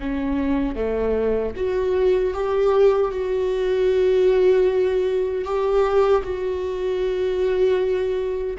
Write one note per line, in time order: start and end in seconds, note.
0.00 0.76 C#4
0.76 1.54 A3
1.57 2.34 F#4
2.34 3.12 G4
3.12 5.45 F#4
5.45 6.23 G4
6.24 8.57 F#4